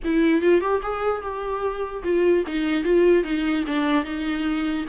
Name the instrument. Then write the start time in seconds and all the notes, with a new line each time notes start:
viola
0.04 E4
0.41 F4
0.60 G4
0.82 G#4
1.21 G4
2.03 F4
2.46 D#4
2.84 F4
3.23 D#4
3.67 D4
4.04 D#4